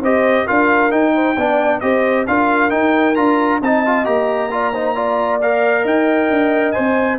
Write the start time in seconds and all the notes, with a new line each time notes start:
0.00 C4 G4 C5 D#5
0.46 D4 F4 A#4 F5
0.91 D#4 G5
1.14 C5
1.37 B3 D4 D5
1.80 C4 G4 C5 D#5
2.27 D4 F4 A#4 F5
2.70 D#4 G5
3.15 D4 F4 A#5
3.62 C4 D#4 D#5 A5
3.86 F4
4.05 A#3 G4 A#5
4.51 F4 D5
4.73 D#4 C5
4.94 F4 D5
5.41 A#4 F5
5.83 D#4 D#5 G5
6.29 D4
6.72 C5 G#5
6.78 C4